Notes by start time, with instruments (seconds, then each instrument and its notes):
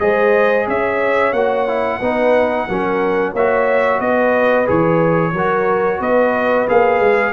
0.00 tuba G#3, trombone G#4, horn C5, trumpet D#5
0.67 tuba C#4, horn C#5, trumpet E5
1.33 tuba A#3, trombone F#4, trumpet F#5
1.68 trombone E4
1.99 tuba B3, trombone D#4, horn B4
2.69 tuba F#3, trombone C#4, horn A#4
3.33 tuba A#3, trombone F#4, horn C#5, trumpet E5
3.99 tuba B3, horn B4, trumpet D#5
4.66 tuba E3, trombone G#4, trumpet C#5
5.33 tuba F#3, trombone F#4, horn A#4
5.99 tuba B3, horn B4, trumpet D#5
6.68 tuba A#3, trombone G#4, trumpet F5
7.00 tuba G#3